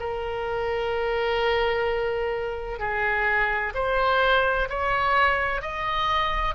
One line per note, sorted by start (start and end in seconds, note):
0.00 2.80 A#4
2.80 3.73 G#4
3.75 4.69 C5
4.70 5.62 C#5
5.62 6.55 D#5